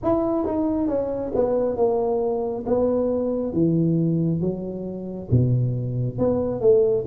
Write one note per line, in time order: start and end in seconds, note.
0.02 0.46 E4
0.46 0.87 D#4
0.87 1.32 C#4
1.35 1.76 B3
1.76 2.64 A#3
2.66 3.53 B3
3.53 4.40 E3
4.40 5.29 F#3
5.31 6.18 B2
6.18 6.60 B3
6.60 7.04 A3